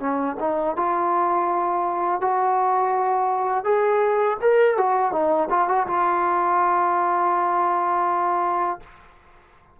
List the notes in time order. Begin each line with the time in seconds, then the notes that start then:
0.00 C#4
0.40 D#4
0.76 F4
2.21 F#4
3.65 G#4
4.41 A#4
4.78 F#4
5.12 D#4
5.50 F4
5.68 F#4
5.87 F4